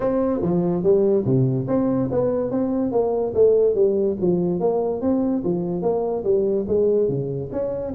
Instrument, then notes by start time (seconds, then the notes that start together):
tuba
0.00 C4
0.42 F3
0.83 G3
1.25 C3
1.67 C4
2.11 B3
2.50 C4
2.91 A#3
3.34 A3
3.75 G3
4.20 F3
4.60 A#3
5.01 C4
5.44 F3
5.81 A#3
6.24 G3
6.67 G#3
7.08 C#3
7.52 C#4